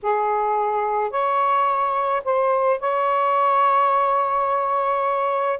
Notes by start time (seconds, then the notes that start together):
0.02 G#4
1.10 C#5
2.24 C5
2.80 C#5